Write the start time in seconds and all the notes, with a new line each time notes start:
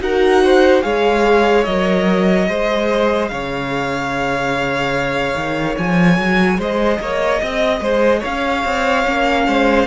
0.00 D#4 F#4 A#4 F#5
0.43 C5
0.82 G#3 G#4 C#5 F5
1.64 F#3 A#4 D#5
2.45 G#3 G#4 C5
3.29 C#3 C#5 F5
5.35 D#3
5.78 F3 G#5
6.18 F#3
6.58 G#3 C5 D#5
7.00 A#3 C#5
7.41 C4 D#5
7.81 G#3 C5
8.19 C#5 F5
8.26 C#4
8.64 C4
9.05 A#3 C#4
9.47 G#3 C5